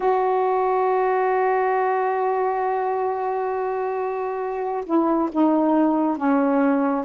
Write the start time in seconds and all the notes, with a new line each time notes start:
0.00 F#4
4.85 E4
5.31 D#4
6.17 C#4